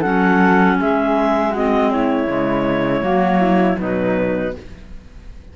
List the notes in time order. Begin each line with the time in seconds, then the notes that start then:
0.00 F#3 C#4 A4 F#5
0.80 G#3 G#4 E5
1.51 C4 F#4 D#5
1.92 E4 C#5
2.27 C#3 G#3
3.02 F#3 A#3 F#4
3.41 E4
3.78 B2 F#3 D#4 B4